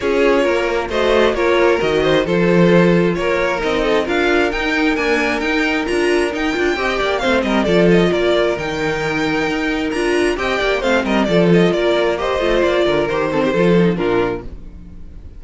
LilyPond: <<
  \new Staff \with { instrumentName = "violin" } { \time 4/4 \tempo 4 = 133 cis''2 dis''4 cis''4 | dis''4 c''2 cis''4 | dis''4 f''4 g''4 gis''4 | g''4 ais''4 g''2 |
f''8 dis''8 d''8 dis''8 d''4 g''4~ | g''2 ais''4 g''4 | f''8 dis''8 d''8 dis''8 d''4 dis''4 | d''4 c''2 ais'4 | }
  \new Staff \with { instrumentName = "violin" } { \time 4/4 gis'4 ais'4 c''4 ais'4~ | ais'8 c''8 a'2 ais'4~ | ais'8 a'8 ais'2.~ | ais'2. dis''8 d''8 |
c''8 ais'8 a'4 ais'2~ | ais'2. dis''8 d''8 | c''8 ais'8 a'4 ais'4 c''4~ | c''8 ais'4 a'16 g'16 a'4 f'4 | }
  \new Staff \with { instrumentName = "viola" } { \time 4/4 f'2 fis'4 f'4 | fis'4 f'2. | dis'4 f'4 dis'4 ais4 | dis'4 f'4 dis'8 f'8 g'4 |
c'4 f'2 dis'4~ | dis'2 f'4 g'4 | c'4 f'2 g'8 f'8~ | f'4 g'8 c'8 f'8 dis'8 d'4 | }
  \new Staff \with { instrumentName = "cello" } { \time 4/4 cis'4 ais4 a4 ais4 | dis4 f2 ais4 | c'4 d'4 dis'4 d'4 | dis'4 d'4 dis'8 d'8 c'8 ais8 |
a8 g8 f4 ais4 dis4~ | dis4 dis'4 d'4 c'8 ais8 | a8 g8 f4 ais4. a8 | ais8 d8 dis4 f4 ais,4 | }
>>